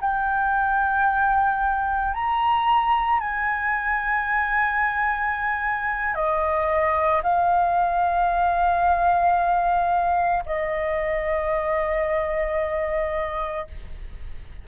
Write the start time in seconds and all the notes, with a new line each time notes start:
0.00 G5
2.13 A#5
3.19 G#5
6.14 D#5
7.23 F5
10.46 D#5